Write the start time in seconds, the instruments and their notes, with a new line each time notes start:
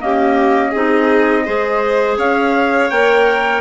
0.00 clarinet A#3, bassoon C#4, violin G4, trumpet D#5
0.71 bassoon C4, clarinet D#4, violin G#4
1.45 bassoon G#3, clarinet G#4, violin C5
2.18 bassoon C#4, violin C#5, trumpet F5
2.90 bassoon A#3, clarinet A#4, trumpet G5